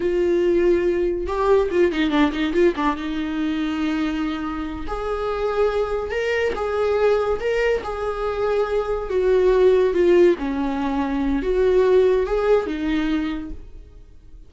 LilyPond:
\new Staff \with { instrumentName = "viola" } { \time 4/4 \tempo 4 = 142 f'2. g'4 | f'8 dis'8 d'8 dis'8 f'8 d'8 dis'4~ | dis'2.~ dis'8 gis'8~ | gis'2~ gis'8 ais'4 gis'8~ |
gis'4. ais'4 gis'4.~ | gis'4. fis'2 f'8~ | f'8 cis'2~ cis'8 fis'4~ | fis'4 gis'4 dis'2 | }